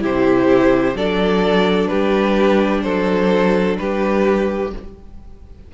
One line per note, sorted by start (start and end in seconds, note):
0.00 0.94 C3
0.00 0.94 E4
0.00 0.96 G4
0.00 0.97 C5
0.94 1.88 F#3
0.94 4.71 D4
0.94 1.89 A4
0.94 1.87 D5
1.87 2.84 G3
1.87 2.83 G4
1.87 2.81 B4
2.82 3.78 F#3
2.82 3.78 A4
2.82 3.76 C5
3.78 4.73 G3
3.78 4.74 G4
3.78 4.72 B4